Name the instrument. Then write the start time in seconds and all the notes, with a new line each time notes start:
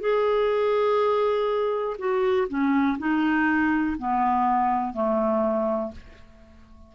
clarinet
0.00 G#4
1.99 F#4
2.49 C#4
2.98 D#4
3.98 B3
4.94 A3